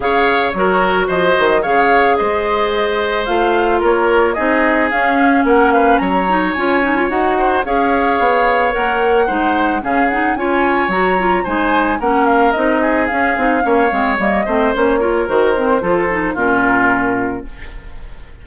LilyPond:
<<
  \new Staff \with { instrumentName = "flute" } { \time 4/4 \tempo 4 = 110 f''4 cis''4 dis''4 f''4 | dis''2 f''4 cis''4 | dis''4 f''4 fis''8 f''8 ais''4 | gis''4 fis''4 f''2 |
fis''2 f''8 fis''8 gis''4 | ais''4 gis''4 fis''8 f''8 dis''4 | f''2 dis''4 cis''4 | c''2 ais'2 | }
  \new Staff \with { instrumentName = "oboe" } { \time 4/4 cis''4 ais'4 c''4 cis''4 | c''2. ais'4 | gis'2 ais'8 b'8 cis''4~ | cis''4. c''8 cis''2~ |
cis''4 c''4 gis'4 cis''4~ | cis''4 c''4 ais'4. gis'8~ | gis'4 cis''4. c''4 ais'8~ | ais'4 a'4 f'2 | }
  \new Staff \with { instrumentName = "clarinet" } { \time 4/4 gis'4 fis'2 gis'4~ | gis'2 f'2 | dis'4 cis'2~ cis'8 dis'8 | f'8 dis'16 f'16 fis'4 gis'2 |
ais'4 dis'4 cis'8 dis'8 f'4 | fis'8 f'8 dis'4 cis'4 dis'4 | cis'8 dis'8 cis'8 c'8 ais8 c'8 cis'8 f'8 | fis'8 c'8 f'8 dis'8 cis'2 | }
  \new Staff \with { instrumentName = "bassoon" } { \time 4/4 cis4 fis4 f8 dis8 cis4 | gis2 a4 ais4 | c'4 cis'4 ais4 fis4 | cis'4 dis'4 cis'4 b4 |
ais4 gis4 cis4 cis'4 | fis4 gis4 ais4 c'4 | cis'8 c'8 ais8 gis8 g8 a8 ais4 | dis4 f4 ais,2 | }
>>